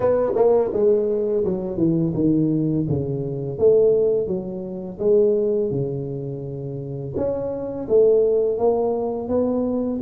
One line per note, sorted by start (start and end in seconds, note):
0.00 0.32 B3
0.35 0.71 A#3
0.72 1.44 G#3
1.44 1.77 F#3
1.77 2.13 E3
2.14 2.86 D#3
2.88 3.58 C#3
3.58 4.27 A3
4.27 4.98 F#3
4.99 5.70 G#3
5.70 7.13 C#3
7.16 7.87 C#4
7.88 8.57 A3
8.57 9.28 A#3
9.28 10.00 B3